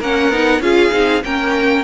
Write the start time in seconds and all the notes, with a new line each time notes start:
0.00 A#3 C#4 A#4 F#5
0.29 B3 D#4
0.59 C#4 F4 G#4 F5
0.91 C4 D#4
1.24 A#3 C#4 A#4 G5